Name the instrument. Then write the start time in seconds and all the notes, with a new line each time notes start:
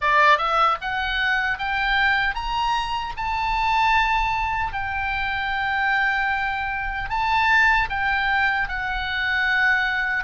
oboe
0.01 D5
0.37 E5
0.81 F#5
1.58 G5
2.34 A#5
3.16 A5
4.72 G5
7.09 A5
7.89 G5
8.68 F#5